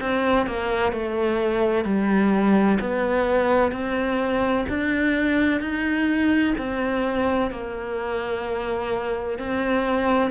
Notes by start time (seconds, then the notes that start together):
0.00 C4
0.46 A#3
0.92 A3
1.85 G3
2.80 B3
3.72 C4
4.69 D4
5.60 D#4
6.58 C4
7.51 A#3
9.39 C4